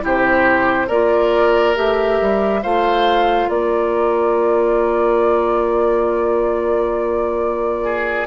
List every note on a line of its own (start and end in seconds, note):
0.00 0.89 C3
0.00 0.87 E4
0.00 0.87 G4
0.00 0.89 C5
0.87 1.76 A#3
0.87 1.75 F4
0.87 2.61 A#4
0.87 1.76 D5
1.75 2.20 A3
1.75 2.62 G4
1.75 2.63 E5
2.21 2.64 G3
2.62 3.49 A3
2.62 8.27 F4
2.62 3.49 C5
2.62 3.49 F5
3.49 8.27 A#3
3.49 7.84 A#4
3.49 8.27 D5
7.84 8.27 G#4